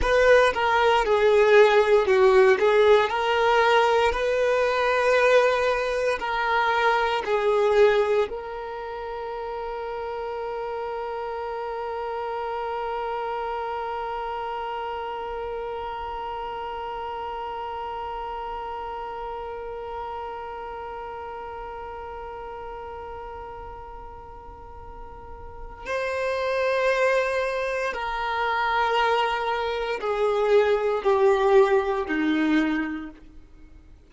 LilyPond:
\new Staff \with { instrumentName = "violin" } { \time 4/4 \tempo 4 = 58 b'8 ais'8 gis'4 fis'8 gis'8 ais'4 | b'2 ais'4 gis'4 | ais'1~ | ais'1~ |
ais'1~ | ais'1~ | ais'4 c''2 ais'4~ | ais'4 gis'4 g'4 dis'4 | }